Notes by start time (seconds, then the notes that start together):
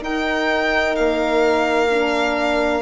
0.00 D#4 A#4 G5
0.96 A#3 F5
1.90 D4